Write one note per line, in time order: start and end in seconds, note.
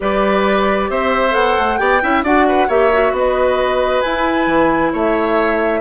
0.00 0.89 G3
0.00 1.30 G4
0.00 0.90 B4
0.00 0.90 D5
0.89 1.34 C4
0.89 1.79 C5
0.89 1.34 E5
1.30 1.56 B3
1.30 1.75 A4
1.30 1.77 F#5
1.57 1.79 A3
1.77 2.02 B3
1.77 2.00 G4
1.77 2.02 D5
1.77 2.22 G5
2.02 2.23 C#4
2.02 2.24 E4
2.02 2.24 E5
2.23 2.68 D4
2.23 2.68 F#4
2.23 2.46 D5
2.23 2.69 F#5
2.47 2.67 B4
2.67 3.11 A#3
2.67 2.91 G4
2.67 3.12 C#5
2.67 3.14 E5
2.92 4.04 F#4
3.11 4.01 B3
3.11 4.92 B4
3.11 4.01 D#5
4.01 5.80 E4
4.01 4.46 E4
4.01 4.90 G#5
4.46 4.91 E3
4.92 5.80 A3
4.92 5.80 C#5
4.92 5.80 E5